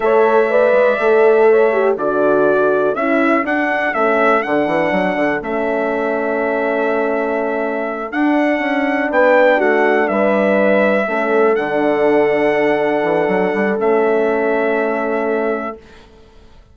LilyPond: <<
  \new Staff \with { instrumentName = "trumpet" } { \time 4/4 \tempo 4 = 122 e''1 | d''2 e''4 fis''4 | e''4 fis''2 e''4~ | e''1~ |
e''8 fis''2 g''4 fis''8~ | fis''8 e''2. fis''8~ | fis''1 | e''1 | }
  \new Staff \with { instrumentName = "horn" } { \time 4/4 cis''4 d''2 cis''4 | a'1~ | a'1~ | a'1~ |
a'2~ a'8 b'4 fis'8~ | fis'8 b'2 a'4.~ | a'1~ | a'1 | }
  \new Staff \with { instrumentName = "horn" } { \time 4/4 a'4 b'4 a'4. g'8 | fis'2 e'4 d'4 | cis'4 d'2 cis'4~ | cis'1~ |
cis'8 d'2.~ d'8~ | d'2~ d'8 cis'4 d'8~ | d'1 | cis'1 | }
  \new Staff \with { instrumentName = "bassoon" } { \time 4/4 a4. gis8 a2 | d2 cis'4 d'4 | a4 d8 e8 fis8 d8 a4~ | a1~ |
a8 d'4 cis'4 b4 a8~ | a8 g2 a4 d8~ | d2~ d8 e8 fis8 g8 | a1 | }
>>